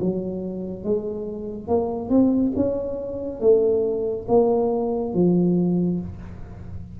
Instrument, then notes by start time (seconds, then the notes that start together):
tuba
0.00 F#3
0.84 G#3
1.68 A#3
2.10 C4
2.56 C#4
3.41 A3
4.28 A#3
5.14 F3